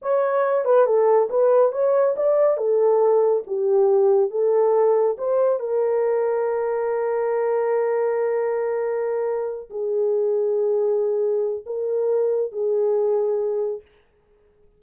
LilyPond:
\new Staff \with { instrumentName = "horn" } { \time 4/4 \tempo 4 = 139 cis''4. b'8 a'4 b'4 | cis''4 d''4 a'2 | g'2 a'2 | c''4 ais'2.~ |
ais'1~ | ais'2~ ais'8 gis'4.~ | gis'2. ais'4~ | ais'4 gis'2. | }